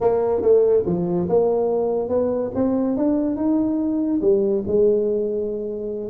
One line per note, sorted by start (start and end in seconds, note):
0.00 0.41 A#3
0.41 0.83 A3
0.86 1.28 F3
1.28 2.08 A#3
2.08 2.51 B3
2.55 2.96 C4
2.96 3.36 D4
3.36 4.20 D#4
4.21 4.63 G3
4.67 6.10 G#3